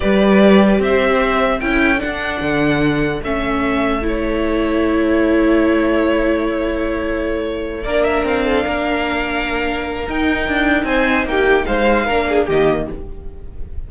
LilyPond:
<<
  \new Staff \with { instrumentName = "violin" } { \time 4/4 \tempo 4 = 149 d''2 e''2 | g''4 fis''2. | e''2 cis''2~ | cis''1~ |
cis''2.~ cis''8 d''8 | e''8 f''2.~ f''8~ | f''4 g''2 gis''4 | g''4 f''2 dis''4 | }
  \new Staff \with { instrumentName = "violin" } { \time 4/4 b'2 c''2 | a'1~ | a'1~ | a'1~ |
a'2.~ a'8 ais'8~ | ais'4 a'8 ais'2~ ais'8~ | ais'2. c''4 | g'4 c''4 ais'8 gis'8 g'4 | }
  \new Staff \with { instrumentName = "viola" } { \time 4/4 g'1 | e'4 d'2. | cis'2 e'2~ | e'1~ |
e'2.~ e'8 d'8~ | d'1~ | d'4 dis'2.~ | dis'2 d'4 ais4 | }
  \new Staff \with { instrumentName = "cello" } { \time 4/4 g2 c'2 | cis'4 d'4 d2 | a1~ | a1~ |
a2.~ a8 ais8~ | ais8 c'4 ais2~ ais8~ | ais4 dis'4 d'4 c'4 | ais4 gis4 ais4 dis4 | }
>>